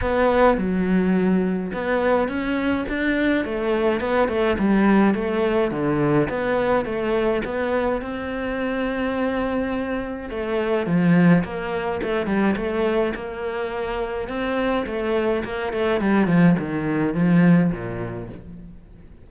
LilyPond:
\new Staff \with { instrumentName = "cello" } { \time 4/4 \tempo 4 = 105 b4 fis2 b4 | cis'4 d'4 a4 b8 a8 | g4 a4 d4 b4 | a4 b4 c'2~ |
c'2 a4 f4 | ais4 a8 g8 a4 ais4~ | ais4 c'4 a4 ais8 a8 | g8 f8 dis4 f4 ais,4 | }